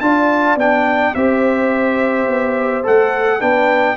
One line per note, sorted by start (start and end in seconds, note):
0.00 0.55 D4
0.00 0.58 F4
0.00 1.15 D5
0.00 0.57 A5
0.55 1.12 B3
0.55 1.15 D4
0.55 1.14 G5
1.14 2.27 C4
1.14 2.83 G4
1.14 3.39 C5
1.14 2.84 E5
2.27 2.84 B3
2.83 3.42 A3
2.83 3.39 A4
2.83 3.41 F#5
3.39 3.96 B3
3.39 3.96 D4
3.39 3.96 B4
3.39 3.96 G5